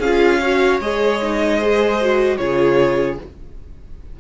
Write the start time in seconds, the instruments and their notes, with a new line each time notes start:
0.00 cello C#4, viola F4, violin G#4 F5
0.41 viola F#4, violin C#5
0.81 cello G#3, viola G#4, violin D#5
1.22 viola D#4
1.58 viola G#4, violin C5
2.01 viola F#4
2.38 cello C#3, viola F4, violin G#4 C#5